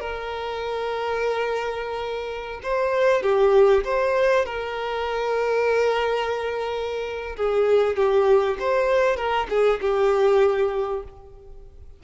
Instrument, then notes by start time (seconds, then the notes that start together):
violin
0.00 A#4
2.63 C5
3.22 G4
3.84 C5
4.45 A#4
7.36 G#4
7.96 G4
8.59 C5
9.16 A#4
9.49 G#4
9.81 G4